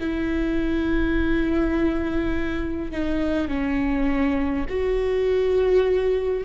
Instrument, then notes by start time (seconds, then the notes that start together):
viola
0.00 E4
2.91 D#4
3.48 C#4
4.69 F#4